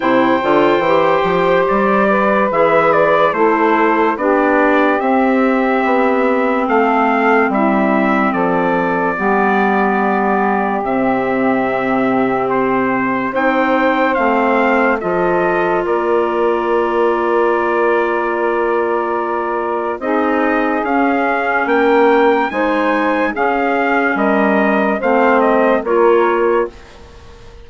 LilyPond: <<
  \new Staff \with { instrumentName = "trumpet" } { \time 4/4 \tempo 4 = 72 g''2 d''4 e''8 d''8 | c''4 d''4 e''2 | f''4 e''4 d''2~ | d''4 e''2 c''4 |
g''4 f''4 dis''4 d''4~ | d''1 | dis''4 f''4 g''4 gis''4 | f''4 dis''4 f''8 dis''8 cis''4 | }
  \new Staff \with { instrumentName = "saxophone" } { \time 4/4 c''2~ c''8 b'4. | a'4 g'2. | a'4 e'4 a'4 g'4~ | g'1 |
c''2 a'4 ais'4~ | ais'1 | gis'2 ais'4 c''4 | gis'4 ais'4 c''4 ais'4 | }
  \new Staff \with { instrumentName = "clarinet" } { \time 4/4 e'8 f'8 g'2 gis'4 | e'4 d'4 c'2~ | c'2. b4~ | b4 c'2. |
dis'4 c'4 f'2~ | f'1 | dis'4 cis'2 dis'4 | cis'2 c'4 f'4 | }
  \new Staff \with { instrumentName = "bassoon" } { \time 4/4 c8 d8 e8 f8 g4 e4 | a4 b4 c'4 b4 | a4 g4 f4 g4~ | g4 c2. |
c'4 a4 f4 ais4~ | ais1 | c'4 cis'4 ais4 gis4 | cis'4 g4 a4 ais4 | }
>>